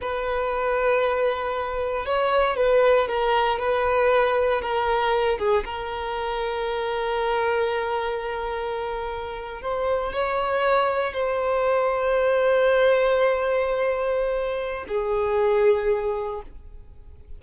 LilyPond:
\new Staff \with { instrumentName = "violin" } { \time 4/4 \tempo 4 = 117 b'1 | cis''4 b'4 ais'4 b'4~ | b'4 ais'4. gis'8 ais'4~ | ais'1~ |
ais'2~ ais'8. c''4 cis''16~ | cis''4.~ cis''16 c''2~ c''16~ | c''1~ | c''4 gis'2. | }